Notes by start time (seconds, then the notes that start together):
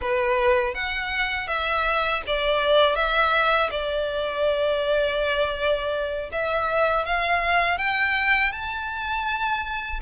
0.01 B4
0.74 F#5
1.47 E5
2.26 D5
2.95 E5
3.70 D5
6.32 E5
7.05 F5
7.78 G5
8.52 A5